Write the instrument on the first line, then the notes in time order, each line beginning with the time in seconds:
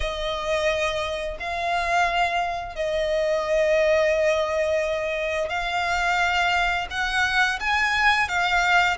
violin
0.00 D#5
1.39 F5
2.75 D#5
5.49 F5
6.90 F#5
7.60 G#5
8.28 F5